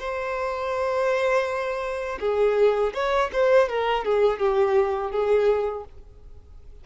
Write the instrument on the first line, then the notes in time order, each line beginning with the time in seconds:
violin
0.00 C5
2.21 G#4
2.94 C#5
3.33 C5
3.70 A#4
4.05 G#4
4.40 G4
5.12 G#4